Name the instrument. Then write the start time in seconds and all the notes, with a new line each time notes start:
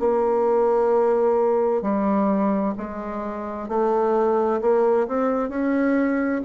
bassoon
0.00 A#3
1.82 G3
2.78 G#3
3.69 A3
4.62 A#3
5.08 C4
5.50 C#4